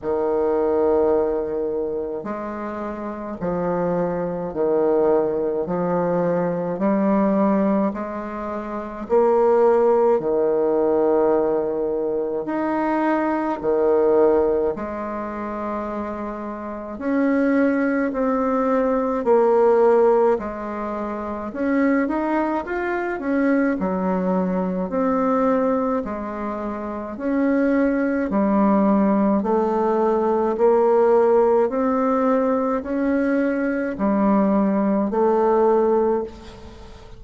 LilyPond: \new Staff \with { instrumentName = "bassoon" } { \time 4/4 \tempo 4 = 53 dis2 gis4 f4 | dis4 f4 g4 gis4 | ais4 dis2 dis'4 | dis4 gis2 cis'4 |
c'4 ais4 gis4 cis'8 dis'8 | f'8 cis'8 fis4 c'4 gis4 | cis'4 g4 a4 ais4 | c'4 cis'4 g4 a4 | }